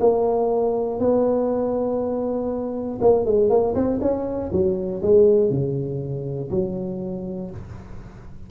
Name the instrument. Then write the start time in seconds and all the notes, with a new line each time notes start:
tuba
0.00 A#3
1.00 B3
3.01 A#3
3.25 G#3
3.50 A#3
3.75 C4
4.01 C#4
4.52 F#3
5.02 G#3
5.50 C#3
6.50 F#3